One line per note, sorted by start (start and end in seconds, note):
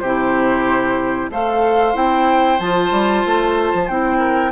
0.00 1.30 C3
0.00 1.32 E4
0.00 1.31 G4
0.00 1.29 C5
1.30 1.95 A3
1.30 1.94 A4
1.30 4.19 C5
1.30 1.96 F5
1.94 2.60 C4
1.94 2.59 E4
1.94 2.60 G5
2.60 2.92 F3
2.60 3.90 F4
2.60 3.88 A5
2.92 3.24 G3
3.26 3.74 A3
3.74 3.90 F3
3.88 4.52 C4
3.88 4.52 E4
3.88 4.52 G5
4.19 4.51 A#4